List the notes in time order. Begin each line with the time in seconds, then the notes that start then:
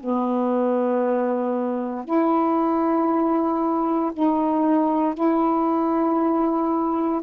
0.00 B3
2.05 E4
4.13 D#4
5.14 E4